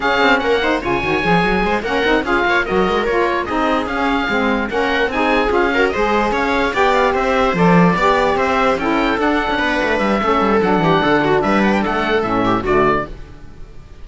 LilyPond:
<<
  \new Staff \with { instrumentName = "oboe" } { \time 4/4 \tempo 4 = 147 f''4 fis''4 gis''2~ | gis''8 fis''4 f''4 dis''4 cis''8~ | cis''8 dis''4 f''2 fis''8~ | fis''8 gis''4 f''4 dis''4 f''8~ |
f''8 g''8 f''8 e''4 d''4.~ | d''8 e''4 g''4 fis''4.~ | fis''8 e''4. fis''2 | e''8 fis''16 g''16 fis''4 e''4 d''4 | }
  \new Staff \with { instrumentName = "viola" } { \time 4/4 gis'4 ais'8 c''8 cis''2 | c''8 ais'4 gis'8 cis''8 ais'4.~ | ais'8 gis'2. ais'8~ | ais'8 gis'4. ais'8 c''4 cis''8~ |
cis''8 d''4 c''2 d''8~ | d''8 c''4 a'2 b'8~ | b'4 a'4. g'8 a'8 fis'8 | b'4 a'4. g'8 fis'4 | }
  \new Staff \with { instrumentName = "saxophone" } { \time 4/4 cis'4. dis'8 f'8 fis'8 gis'4~ | gis'8 cis'8 dis'8 f'4 fis'4 f'8~ | f'8 dis'4 cis'4 c'4 cis'8~ | cis'8 dis'4 f'8 fis'8 gis'4.~ |
gis'8 g'2 a'4 g'8~ | g'4. e'4 d'4.~ | d'4 cis'4 d'2~ | d'2 cis'4 a4 | }
  \new Staff \with { instrumentName = "cello" } { \time 4/4 cis'8 c'8 ais4 cis8 dis8 f8 fis8 | gis8 ais8 c'8 cis'8 ais8 fis8 gis8 ais8~ | ais8 c'4 cis'4 gis4 ais8~ | ais8 c'4 cis'4 gis4 cis'8~ |
cis'8 b4 c'4 f4 b8~ | b8 c'4 cis'4 d'8. cis'16 b8 | a8 g8 a8 g8 fis8 e8 d4 | g4 a4 a,4 d4 | }
>>